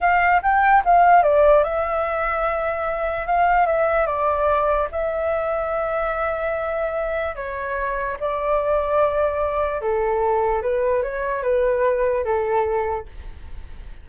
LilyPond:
\new Staff \with { instrumentName = "flute" } { \time 4/4 \tempo 4 = 147 f''4 g''4 f''4 d''4 | e''1 | f''4 e''4 d''2 | e''1~ |
e''2 cis''2 | d''1 | a'2 b'4 cis''4 | b'2 a'2 | }